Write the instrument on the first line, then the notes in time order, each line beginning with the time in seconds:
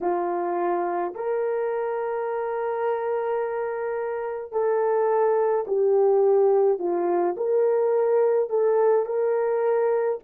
horn
0.00 F4
1.14 A#4
4.52 A4
5.67 G4
6.78 F4
7.36 A#4
8.49 A4
9.05 A#4